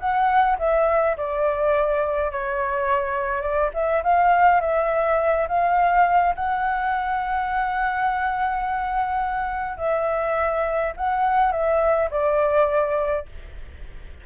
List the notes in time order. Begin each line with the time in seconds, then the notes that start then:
0.00 F#5
0.59 E5
1.17 D5
2.32 C#5
3.42 D5
3.74 E5
4.04 F5
4.61 E5
5.48 F5
6.35 F#5
9.78 E5
10.97 F#5
11.52 E5
12.10 D5